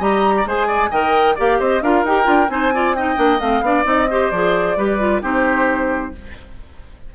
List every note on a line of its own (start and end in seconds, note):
0.00 0.46 G3
0.00 0.46 G4
0.00 0.34 D#5
0.00 0.48 A#5
0.38 0.48 D5
0.46 0.92 G#3
0.46 0.91 G#4
0.46 0.68 C5
0.46 0.92 G#5
0.68 0.90 D5
0.91 1.37 D#3
0.91 1.37 A#4
0.91 1.36 D#5
0.91 1.37 G5
1.36 1.60 A#3
1.36 1.83 G4
1.36 1.59 D5
1.36 1.60 F5
1.60 1.82 C4
1.60 1.83 C5
1.60 1.83 D#5
1.82 2.04 D4
1.82 2.06 F4
1.82 2.52 A#4
1.82 2.06 F5
2.04 2.27 D#4
2.04 2.24 G4
2.04 2.50 G5
2.24 2.49 D4
2.24 2.47 F4
2.49 3.17 C4
2.49 2.73 D#4
2.49 2.74 C5
2.49 2.95 G#5
2.74 2.97 F4
2.74 2.97 D5
2.95 3.16 D#4
2.95 3.65 D#5
2.95 3.40 G5
3.16 3.41 A#3
3.16 3.39 D4
3.40 3.62 A3
3.40 3.64 C4
3.40 3.86 F5
3.62 3.85 B3
3.62 3.84 D4
3.62 4.11 D5
3.84 4.31 C4
3.84 4.07 D#4
3.84 4.31 D#5
4.11 4.34 G4
4.11 4.78 C5
4.31 4.77 F3
4.31 4.77 G#4
4.31 5.22 D5
4.77 5.23 G3
4.77 5.00 G4
4.77 5.22 B4
5.00 5.22 F4
5.22 6.14 C4
5.22 6.13 D#4
5.22 6.13 G4
5.22 6.15 C5